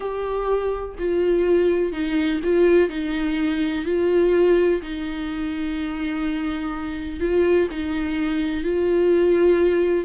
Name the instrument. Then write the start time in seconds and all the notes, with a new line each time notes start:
viola
0.00 G4
0.98 F4
1.92 D#4
2.43 F4
2.89 D#4
3.85 F4
4.82 D#4
7.20 F4
7.70 D#4
8.63 F4